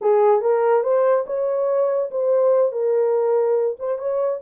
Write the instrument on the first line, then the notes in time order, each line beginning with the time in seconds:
horn
0.01 G#4
0.41 A#4
0.83 C5
1.26 C#5
2.11 C5
2.72 A#4
3.79 C5
3.98 C#5